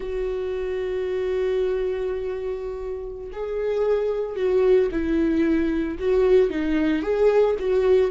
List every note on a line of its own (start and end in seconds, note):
0.00 3.31 F#4
3.32 4.36 G#4
4.36 4.89 F#4
4.91 5.98 E4
5.99 6.50 F#4
6.50 7.02 D#4
7.02 7.55 G#4
7.59 8.10 F#4